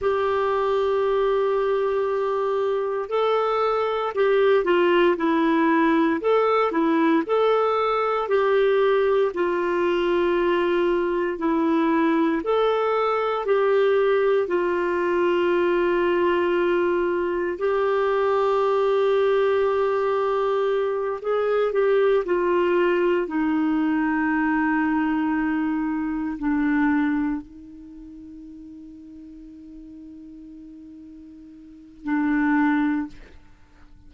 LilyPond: \new Staff \with { instrumentName = "clarinet" } { \time 4/4 \tempo 4 = 58 g'2. a'4 | g'8 f'8 e'4 a'8 e'8 a'4 | g'4 f'2 e'4 | a'4 g'4 f'2~ |
f'4 g'2.~ | g'8 gis'8 g'8 f'4 dis'4.~ | dis'4. d'4 dis'4.~ | dis'2. d'4 | }